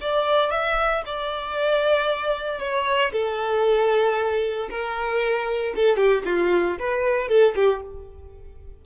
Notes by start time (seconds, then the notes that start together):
0.00 D5
0.51 E5
1.06 D5
2.59 C#5
3.12 A4
4.70 A#4
5.75 A4
5.96 G4
6.25 F4
6.79 B4
7.28 A4
7.55 G4